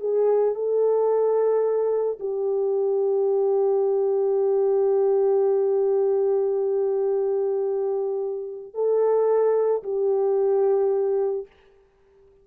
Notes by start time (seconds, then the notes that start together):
0.00 G#4
0.55 A4
2.19 G4
8.74 A4
9.83 G4